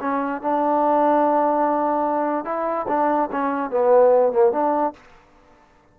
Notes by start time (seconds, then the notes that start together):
0.00 C#4
0.42 D4
2.45 E4
2.88 D4
3.31 C#4
3.70 B3
4.32 A#3
4.52 D4